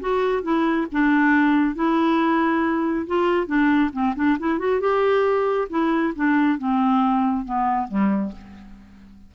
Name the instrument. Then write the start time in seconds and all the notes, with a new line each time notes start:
clarinet
0.00 F#4
0.43 E4
0.92 D4
1.75 E4
3.07 F4
3.46 D4
3.92 C4
4.15 D4
4.39 E4
4.58 F#4
4.80 G4
5.69 E4
6.15 D4
6.58 C4
7.45 B3
7.88 G3